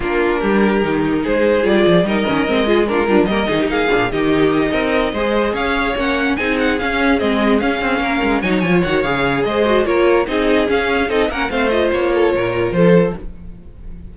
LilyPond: <<
  \new Staff \with { instrumentName = "violin" } { \time 4/4 \tempo 4 = 146 ais'2. c''4 | d''4 dis''2 ais'4 | dis''4 f''4 dis''2~ | dis''4. f''4 fis''4 gis''8 |
fis''8 f''4 dis''4 f''4.~ | f''8 gis''16 ais''16 gis''8 fis''8 f''4 dis''4 | cis''4 dis''4 f''4 dis''8 fis''8 | f''8 dis''8 cis''2 c''4 | }
  \new Staff \with { instrumentName = "violin" } { \time 4/4 f'4 g'2 gis'4~ | gis'4 ais'4. gis'8 f'8 d'8 | ais'8 gis'16 g'16 gis'4 g'4. ais'8~ | ais'8 c''4 cis''2 gis'8~ |
gis'2.~ gis'8 ais'8~ | ais'8 cis''2~ cis''8 c''4 | ais'4 gis'2 a'8 ais'8 | c''4. a'8 ais'4 a'4 | }
  \new Staff \with { instrumentName = "viola" } { \time 4/4 d'2 dis'2 | f'4 dis'8 cis'8 c'8 f'8 d'8 f'8 | ais8 dis'4 d'8 dis'2~ | dis'8 gis'2 cis'4 dis'8~ |
dis'8 cis'4 c'4 cis'4.~ | cis'8 dis'8 f'8 fis'8 gis'4. fis'8 | f'4 dis'4 cis'4 dis'8 cis'8 | c'8 f'2.~ f'8 | }
  \new Staff \with { instrumentName = "cello" } { \time 4/4 ais4 g4 dis4 gis4 | g8 f8 g8 dis8 gis4. g16 f16 | g8 dis8 ais8 ais,8 dis4. c'8~ | c'8 gis4 cis'4 ais4 c'8~ |
c'8 cis'4 gis4 cis'8 c'8 ais8 | gis8 fis8 f8 dis8 cis4 gis4 | ais4 c'4 cis'4 c'8 ais8 | a4 ais4 ais,4 f4 | }
>>